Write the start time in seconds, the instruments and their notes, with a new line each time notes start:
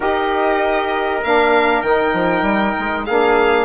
0.00 bassoon D#4, saxophone G4, trumpet A#4, violin D#5
1.23 bassoon A#3, saxophone D4, violin F5
1.82 bassoon D#3, saxophone D#4, violin G5
2.13 bassoon F3
2.42 bassoon G3
2.78 bassoon G#3
3.05 bassoon A#3, saxophone D4, trumpet G#4, violin F5